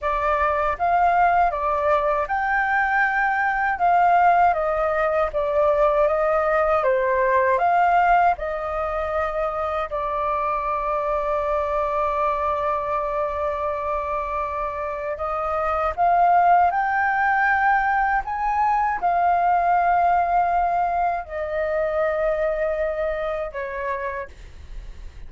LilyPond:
\new Staff \with { instrumentName = "flute" } { \time 4/4 \tempo 4 = 79 d''4 f''4 d''4 g''4~ | g''4 f''4 dis''4 d''4 | dis''4 c''4 f''4 dis''4~ | dis''4 d''2.~ |
d''1 | dis''4 f''4 g''2 | gis''4 f''2. | dis''2. cis''4 | }